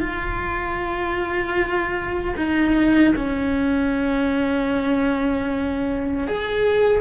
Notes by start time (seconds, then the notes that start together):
0.00 F4
2.36 D#4
3.15 C#4
6.27 G#4